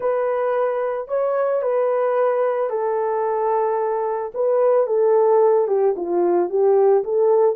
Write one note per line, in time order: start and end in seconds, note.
0.00 1.07 B4
1.07 1.61 C#5
1.61 2.70 B4
2.70 4.32 A4
4.34 4.86 B4
4.86 5.67 A4
5.67 5.94 G4
5.96 6.49 F4
6.49 7.03 G4
7.04 7.55 A4